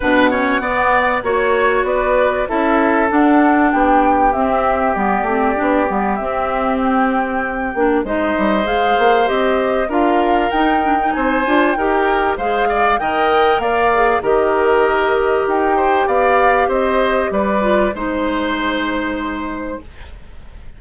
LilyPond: <<
  \new Staff \with { instrumentName = "flute" } { \time 4/4 \tempo 4 = 97 fis''2 cis''4 d''4 | e''4 fis''4 g''4 e''4 | d''2 e''4 g''4~ | g''4 dis''4 f''4 dis''4 |
f''4 g''4 gis''4 g''4 | f''4 g''4 f''4 dis''4~ | dis''4 g''4 f''4 dis''4 | d''4 c''2. | }
  \new Staff \with { instrumentName = "oboe" } { \time 4/4 b'8 cis''8 d''4 cis''4 b'4 | a'2 g'2~ | g'1~ | g'4 c''2. |
ais'2 c''4 ais'4 | c''8 d''8 dis''4 d''4 ais'4~ | ais'4. c''8 d''4 c''4 | b'4 c''2. | }
  \new Staff \with { instrumentName = "clarinet" } { \time 4/4 d'8 cis'8 b4 fis'2 | e'4 d'2 c'4 | b8 c'8 d'8 b8 c'2~ | c'8 d'8 dis'4 gis'4 g'4 |
f'4 dis'8 d'16 dis'8. f'8 g'4 | gis'4 ais'4. gis'8 g'4~ | g'1~ | g'8 f'8 dis'2. | }
  \new Staff \with { instrumentName = "bassoon" } { \time 4/4 b,4 b4 ais4 b4 | cis'4 d'4 b4 c'4 | g8 a8 b8 g8 c'2~ | c'8 ais8 gis8 g8 gis8 ais8 c'4 |
d'4 dis'4 c'8 d'8 dis'4 | gis4 dis4 ais4 dis4~ | dis4 dis'4 b4 c'4 | g4 gis2. | }
>>